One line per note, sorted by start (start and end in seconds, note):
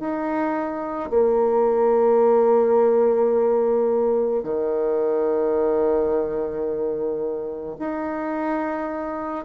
0.00 1.10 D#4
1.10 4.43 A#3
4.43 7.77 D#3
7.79 9.45 D#4